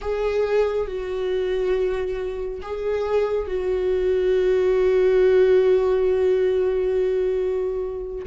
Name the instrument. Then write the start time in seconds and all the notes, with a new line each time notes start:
viola
0.01 G#4
0.87 F#4
2.62 G#4
3.47 F#4